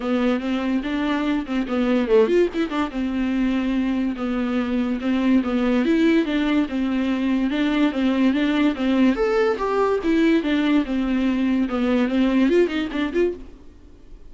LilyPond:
\new Staff \with { instrumentName = "viola" } { \time 4/4 \tempo 4 = 144 b4 c'4 d'4. c'8 | b4 a8 f'8 e'8 d'8 c'4~ | c'2 b2 | c'4 b4 e'4 d'4 |
c'2 d'4 c'4 | d'4 c'4 a'4 g'4 | e'4 d'4 c'2 | b4 c'4 f'8 dis'8 d'8 f'8 | }